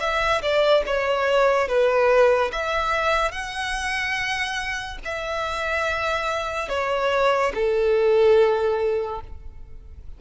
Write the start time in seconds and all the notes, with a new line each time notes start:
0.00 E5
0.42 D5
0.86 C#5
1.68 B4
2.52 E5
3.31 F#5
5.05 E5
6.69 C#5
7.54 A4